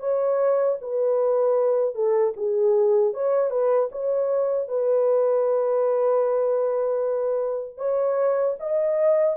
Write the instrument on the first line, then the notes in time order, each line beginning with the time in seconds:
horn
0.00 C#5
0.81 B4
1.95 A4
2.37 G#4
3.14 C#5
3.51 B4
3.92 C#5
4.68 B4
7.77 C#5
8.60 D#5